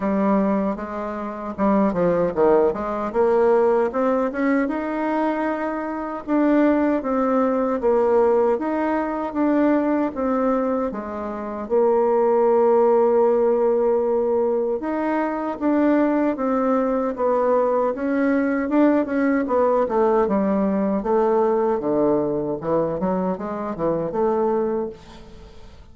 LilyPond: \new Staff \with { instrumentName = "bassoon" } { \time 4/4 \tempo 4 = 77 g4 gis4 g8 f8 dis8 gis8 | ais4 c'8 cis'8 dis'2 | d'4 c'4 ais4 dis'4 | d'4 c'4 gis4 ais4~ |
ais2. dis'4 | d'4 c'4 b4 cis'4 | d'8 cis'8 b8 a8 g4 a4 | d4 e8 fis8 gis8 e8 a4 | }